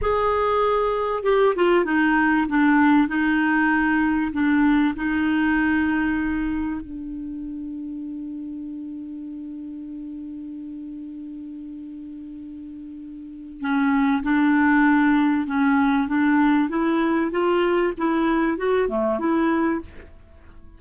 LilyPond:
\new Staff \with { instrumentName = "clarinet" } { \time 4/4 \tempo 4 = 97 gis'2 g'8 f'8 dis'4 | d'4 dis'2 d'4 | dis'2. d'4~ | d'1~ |
d'1~ | d'2 cis'4 d'4~ | d'4 cis'4 d'4 e'4 | f'4 e'4 fis'8 a8 e'4 | }